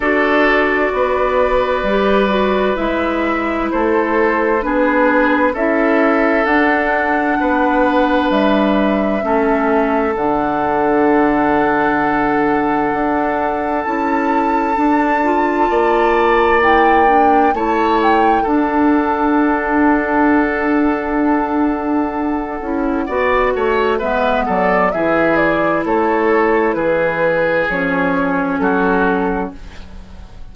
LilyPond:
<<
  \new Staff \with { instrumentName = "flute" } { \time 4/4 \tempo 4 = 65 d''2. e''4 | c''4 b'4 e''4 fis''4~ | fis''4 e''2 fis''4~ | fis''2. a''4~ |
a''2 g''4 a''8 g''8 | fis''1~ | fis''2 e''8 d''8 e''8 d''8 | cis''4 b'4 cis''4 a'4 | }
  \new Staff \with { instrumentName = "oboe" } { \time 4/4 a'4 b'2. | a'4 gis'4 a'2 | b'2 a'2~ | a'1~ |
a'4 d''2 cis''4 | a'1~ | a'4 d''8 cis''8 b'8 a'8 gis'4 | a'4 gis'2 fis'4 | }
  \new Staff \with { instrumentName = "clarinet" } { \time 4/4 fis'2 g'8 fis'8 e'4~ | e'4 d'4 e'4 d'4~ | d'2 cis'4 d'4~ | d'2. e'4 |
d'8 f'4. e'8 d'8 e'4 | d'1~ | d'8 e'8 fis'4 b4 e'4~ | e'2 cis'2 | }
  \new Staff \with { instrumentName = "bassoon" } { \time 4/4 d'4 b4 g4 gis4 | a4 b4 cis'4 d'4 | b4 g4 a4 d4~ | d2 d'4 cis'4 |
d'4 ais2 a4 | d'1~ | d'8 cis'8 b8 a8 gis8 fis8 e4 | a4 e4 f4 fis4 | }
>>